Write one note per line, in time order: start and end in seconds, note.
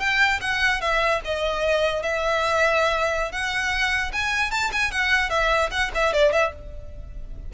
0.00 0.40 G5
0.41 0.81 F#5
0.81 1.21 E5
1.25 2.03 D#5
2.03 3.32 E5
3.32 4.12 F#5
4.13 4.51 G#5
4.51 4.71 A5
4.72 4.92 G#5
4.92 5.30 F#5
5.30 5.70 E5
5.71 5.91 F#5
5.95 6.13 E5
6.13 6.32 D5
6.32 6.52 E5